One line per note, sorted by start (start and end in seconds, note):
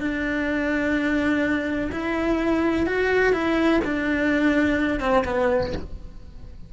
0.00 1.90 D4
1.92 2.87 E4
2.87 3.33 F#4
3.33 3.81 E4
3.84 5.00 D4
5.00 5.24 C4
5.25 5.73 B3